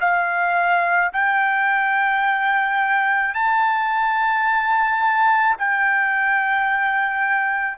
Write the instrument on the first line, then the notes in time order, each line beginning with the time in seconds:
trumpet
0.00 F5
1.13 G5
3.34 A5
5.58 G5